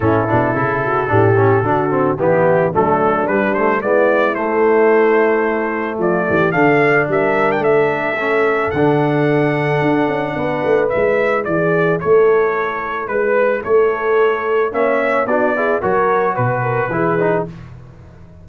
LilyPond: <<
  \new Staff \with { instrumentName = "trumpet" } { \time 4/4 \tempo 4 = 110 a'1 | g'4 a'4 b'8 c''8 d''4 | c''2. d''4 | f''4 e''8. g''16 e''2 |
fis''1 | e''4 d''4 cis''2 | b'4 cis''2 e''4 | d''4 cis''4 b'2 | }
  \new Staff \with { instrumentName = "horn" } { \time 4/4 e'4. fis'8 g'4 fis'4 | e'4 d'2 e'4~ | e'2. f'8 g'8 | a'4 ais'4 a'2~ |
a'2. b'4~ | b'4 gis'4 a'2 | b'4 a'2 cis''4 | fis'8 gis'8 ais'4 b'8 ais'8 gis'4 | }
  \new Staff \with { instrumentName = "trombone" } { \time 4/4 cis'8 d'8 e'4 d'8 cis'8 d'8 c'8 | b4 a4 g8 a8 b4 | a1 | d'2. cis'4 |
d'1 | e'1~ | e'2. cis'4 | d'8 e'8 fis'2 e'8 dis'8 | }
  \new Staff \with { instrumentName = "tuba" } { \time 4/4 a,8 b,8 cis4 a,4 d4 | e4 fis4 g4 gis4 | a2. f8 e8 | d4 g4 a2 |
d2 d'8 cis'8 b8 a8 | gis4 e4 a2 | gis4 a2 ais4 | b4 fis4 b,4 e4 | }
>>